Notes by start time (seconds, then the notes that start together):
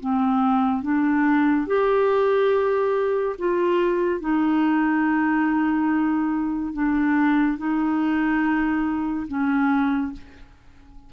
0.00 C4
0.83 D4
1.67 G4
3.38 F4
4.21 D#4
6.73 D4
7.57 D#4
9.28 C#4